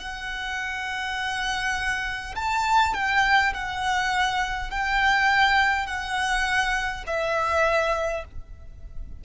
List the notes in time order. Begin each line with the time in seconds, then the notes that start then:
0.00 F#5
2.36 A5
2.95 G5
3.54 F#5
4.71 G5
5.87 F#5
7.07 E5